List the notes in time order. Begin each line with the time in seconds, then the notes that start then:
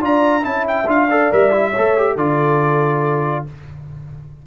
0.00 D4 F4 D5 A#5
0.42 C#4 E4 E5 A5
0.67 G5
0.86 D4 F4 F5
1.09 A4 D5
1.31 G3 A#4 E5
1.51 E4
1.70 C#5
1.77 A3 A4
1.97 G4
2.13 D3 F4 A4 D5